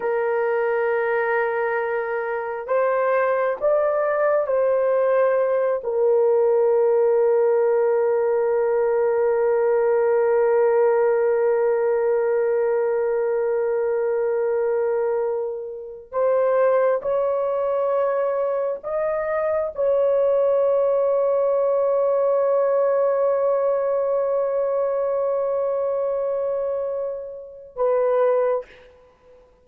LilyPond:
\new Staff \with { instrumentName = "horn" } { \time 4/4 \tempo 4 = 67 ais'2. c''4 | d''4 c''4. ais'4.~ | ais'1~ | ais'1~ |
ais'2 c''4 cis''4~ | cis''4 dis''4 cis''2~ | cis''1~ | cis''2. b'4 | }